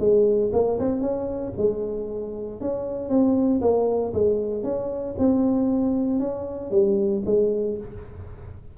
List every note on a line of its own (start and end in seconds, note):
0.00 0.52 G#3
0.53 0.79 A#3
0.79 1.02 C4
1.02 1.53 C#4
1.58 2.61 G#3
2.61 3.09 C#4
3.09 3.61 C4
3.61 4.13 A#3
4.14 4.64 G#3
4.64 5.16 C#4
5.19 6.20 C4
6.20 6.71 C#4
6.71 7.23 G3
7.26 7.78 G#3